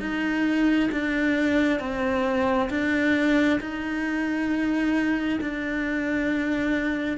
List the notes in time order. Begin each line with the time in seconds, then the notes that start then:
0.00 D#4
0.92 D4
1.80 C4
2.70 D4
3.60 D#4
5.41 D4